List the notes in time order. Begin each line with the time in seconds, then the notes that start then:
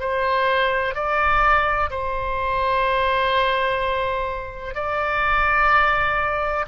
0.00 C5
0.95 D5
1.90 C5
4.75 D5